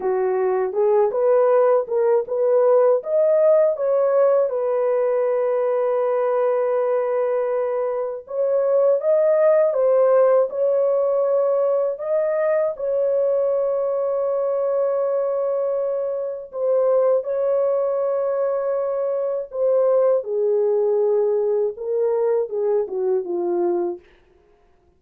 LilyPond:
\new Staff \with { instrumentName = "horn" } { \time 4/4 \tempo 4 = 80 fis'4 gis'8 b'4 ais'8 b'4 | dis''4 cis''4 b'2~ | b'2. cis''4 | dis''4 c''4 cis''2 |
dis''4 cis''2.~ | cis''2 c''4 cis''4~ | cis''2 c''4 gis'4~ | gis'4 ais'4 gis'8 fis'8 f'4 | }